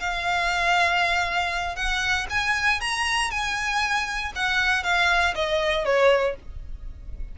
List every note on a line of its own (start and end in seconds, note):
0.00 1.76 F5
1.76 2.27 F#5
2.30 2.81 G#5
2.81 3.31 A#5
3.31 4.32 G#5
4.35 4.84 F#5
4.84 5.34 F5
5.35 5.85 D#5
5.85 6.36 C#5